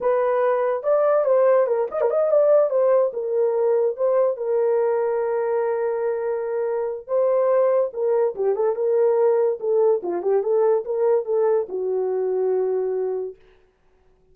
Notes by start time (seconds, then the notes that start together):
0.00 B4
0.83 D5
1.25 C5
1.66 A#4
1.91 D#5
2.01 A#4
2.10 D#5
2.31 D5
2.70 C5
3.13 A#4
3.96 C5
4.37 A#4
7.07 C5
7.93 A#4
8.35 G4
8.55 A4
8.75 A#4
9.60 A4
10.02 F4
10.22 G4
10.42 A4
10.84 A#4
11.25 A4
11.68 F#4